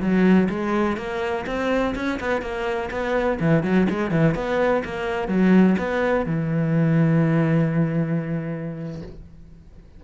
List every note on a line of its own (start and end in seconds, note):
0.00 0.48 F#3
0.49 0.97 G#3
0.97 1.45 A#3
1.46 1.94 C4
1.95 2.19 C#4
2.20 2.41 B3
2.41 2.89 A#3
2.90 3.38 B3
3.40 3.63 E3
3.63 3.87 F#3
3.89 4.10 G#3
4.10 4.34 E3
4.34 4.82 B3
4.84 5.27 A#3
5.27 5.75 F#3
5.78 6.26 B3
6.26 9.02 E3